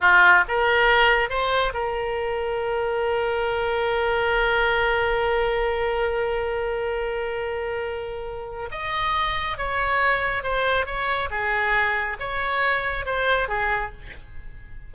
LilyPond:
\new Staff \with { instrumentName = "oboe" } { \time 4/4 \tempo 4 = 138 f'4 ais'2 c''4 | ais'1~ | ais'1~ | ais'1~ |
ais'1 | dis''2 cis''2 | c''4 cis''4 gis'2 | cis''2 c''4 gis'4 | }